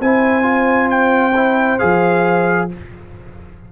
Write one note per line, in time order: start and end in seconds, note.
0.00 1.79 C4
0.00 0.42 E4
0.00 2.70 C5
0.00 0.90 G#5
0.42 1.31 F4
0.90 1.79 G5
1.36 1.79 E4
1.79 2.72 F3
1.79 2.69 G#4
1.79 2.68 F5